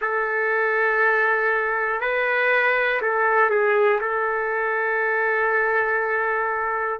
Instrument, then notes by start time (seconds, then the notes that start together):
trumpet
0.01 A4
2.00 B4
3.01 A4
3.50 G#4
4.00 A4